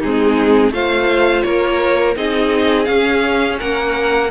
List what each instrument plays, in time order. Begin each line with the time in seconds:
0.00 cello G#3, viola C4, violin D#4 G#4
0.71 cello A3, viola F4, violin C5 F5
1.42 cello A#3, violin A#4 C#5
2.16 cello C4, viola D#4, violin G#4 D#5
2.85 viola C#4, cello C#4, violin F5
3.58 cello A#3, violin A#4 F#5